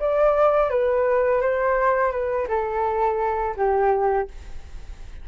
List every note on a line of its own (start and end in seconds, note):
0.00 0.71 D5
0.71 1.42 B4
1.42 2.12 C5
2.12 2.48 B4
2.49 3.56 A4
3.57 4.28 G4